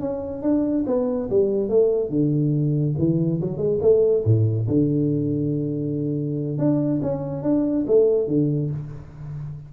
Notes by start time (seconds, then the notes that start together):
0.00 C#4
0.42 D4
0.87 B3
1.30 G3
1.69 A3
2.09 D3
2.98 E3
3.41 F#3
3.57 G#3
3.82 A3
4.25 A2
4.68 D3
6.58 D4
7.02 C#4
7.43 D4
7.87 A3
8.28 D3